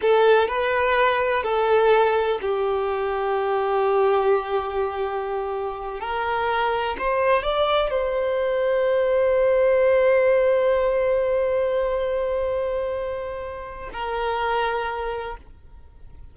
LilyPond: \new Staff \with { instrumentName = "violin" } { \time 4/4 \tempo 4 = 125 a'4 b'2 a'4~ | a'4 g'2.~ | g'1~ | g'8 ais'2 c''4 d''8~ |
d''8 c''2.~ c''8~ | c''1~ | c''1~ | c''4 ais'2. | }